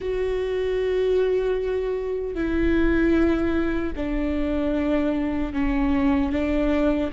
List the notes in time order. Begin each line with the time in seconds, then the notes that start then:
0.00 F#4
2.35 E4
3.96 D4
5.53 C#4
6.32 D4